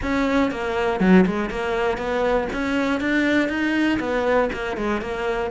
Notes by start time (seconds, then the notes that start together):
0.02 C#4
0.51 A#3
1.00 F#3
1.25 G#3
1.50 A#3
1.97 B3
2.52 C#4
3.00 D4
3.48 D#4
3.99 B3
4.52 A#3
4.76 G#3
5.01 A#3